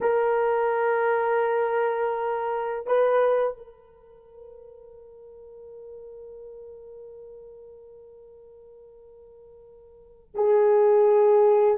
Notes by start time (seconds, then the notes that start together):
0.01 A#4
2.86 B4
3.57 A#4
10.34 G#4